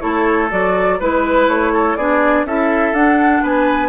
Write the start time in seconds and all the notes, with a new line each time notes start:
0.00 A3 E4 A4 C#5
0.51 F#3 F#4 D5
1.00 G#3 E4 B4
1.48 A3 C#5
1.73 A4
1.97 B3 D4 G#4 D5
2.44 C#4 E4 A4 E5
2.93 D4 F#5
3.43 B3 B4 G#5